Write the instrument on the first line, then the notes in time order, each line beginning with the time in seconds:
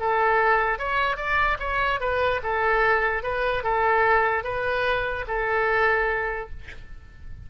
oboe
0.00 A4
0.79 C#5
1.17 D5
1.60 C#5
2.01 B4
2.43 A4
3.23 B4
3.63 A4
4.44 B4
5.27 A4